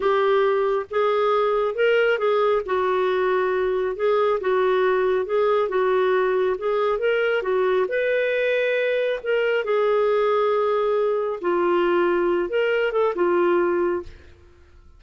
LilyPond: \new Staff \with { instrumentName = "clarinet" } { \time 4/4 \tempo 4 = 137 g'2 gis'2 | ais'4 gis'4 fis'2~ | fis'4 gis'4 fis'2 | gis'4 fis'2 gis'4 |
ais'4 fis'4 b'2~ | b'4 ais'4 gis'2~ | gis'2 f'2~ | f'8 ais'4 a'8 f'2 | }